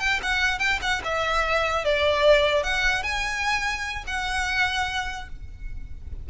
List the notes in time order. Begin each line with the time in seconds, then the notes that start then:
0.00 G5
0.23 F#5
0.59 G5
0.82 F#5
1.04 E5
1.85 D5
2.64 F#5
3.03 G#5
4.07 F#5